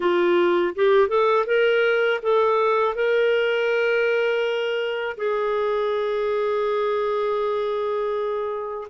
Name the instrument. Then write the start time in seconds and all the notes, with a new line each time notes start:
clarinet
0.00 F4
0.75 G4
1.08 A4
1.46 A#4
2.22 A4
2.94 A#4
5.17 G#4